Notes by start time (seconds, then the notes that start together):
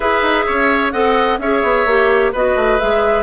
0.00 E4 G#4 B4 E5
0.22 D#4
0.46 C#4 C#5
0.91 C4 A4 D#5 F#5
1.38 C#4 G#4 C#5 E5
1.62 B3
1.85 A#3 G4
2.32 B3 F#4 B4 D#5
2.55 A3
2.79 G#3 G#4 E5